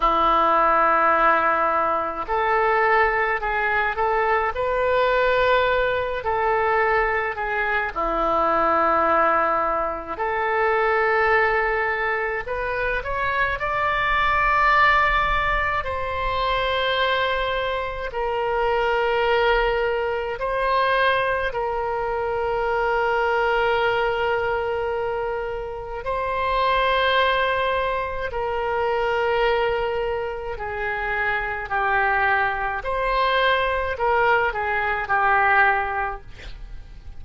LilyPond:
\new Staff \with { instrumentName = "oboe" } { \time 4/4 \tempo 4 = 53 e'2 a'4 gis'8 a'8 | b'4. a'4 gis'8 e'4~ | e'4 a'2 b'8 cis''8 | d''2 c''2 |
ais'2 c''4 ais'4~ | ais'2. c''4~ | c''4 ais'2 gis'4 | g'4 c''4 ais'8 gis'8 g'4 | }